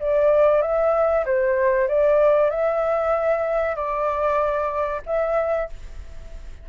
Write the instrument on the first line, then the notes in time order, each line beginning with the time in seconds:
flute
0.00 D5
0.62 E5
1.26 C5
1.88 D5
2.50 E5
3.76 D5
5.06 E5